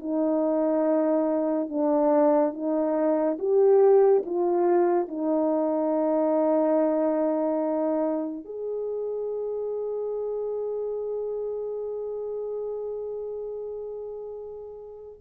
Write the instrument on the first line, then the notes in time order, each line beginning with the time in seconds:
horn
0.00 D#4
1.69 D4
2.53 D#4
3.39 G4
4.26 F4
5.08 D#4
8.45 G#4